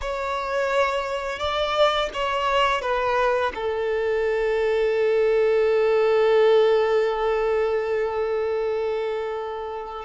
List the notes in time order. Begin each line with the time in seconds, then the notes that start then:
0.01 C#5
1.39 D5
2.13 C#5
2.81 B4
3.55 A4